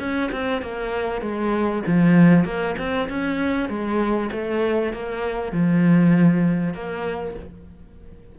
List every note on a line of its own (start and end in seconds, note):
0.00 0.31 C#4
0.32 0.62 C4
0.62 1.22 A#3
1.22 1.83 G#3
1.87 2.45 F3
2.45 2.76 A#3
2.78 3.09 C4
3.09 3.70 C#4
3.70 4.31 G#3
4.32 4.93 A3
4.93 5.53 A#3
5.53 6.74 F3
6.74 7.35 A#3